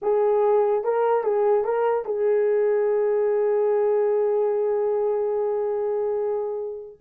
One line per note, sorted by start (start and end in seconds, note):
0.01 0.84 G#4
0.84 1.23 A#4
1.23 1.64 G#4
1.64 2.05 A#4
2.05 6.98 G#4